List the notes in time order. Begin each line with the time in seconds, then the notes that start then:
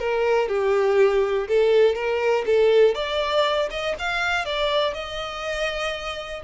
0.00 A#4
0.49 G4
1.48 A4
1.96 A#4
2.47 A4
2.95 D5
3.71 D#5
3.99 F5
4.45 D5
4.94 D#5